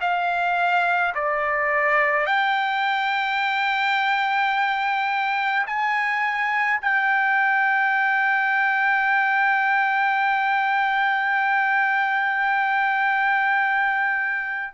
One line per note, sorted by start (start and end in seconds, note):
0.00 1.13 F5
1.14 2.26 D5
2.26 5.66 G5
5.67 6.80 G#5
6.81 14.73 G5